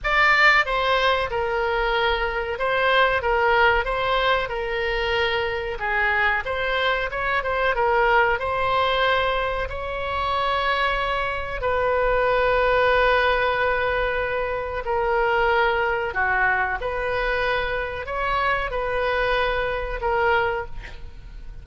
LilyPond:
\new Staff \with { instrumentName = "oboe" } { \time 4/4 \tempo 4 = 93 d''4 c''4 ais'2 | c''4 ais'4 c''4 ais'4~ | ais'4 gis'4 c''4 cis''8 c''8 | ais'4 c''2 cis''4~ |
cis''2 b'2~ | b'2. ais'4~ | ais'4 fis'4 b'2 | cis''4 b'2 ais'4 | }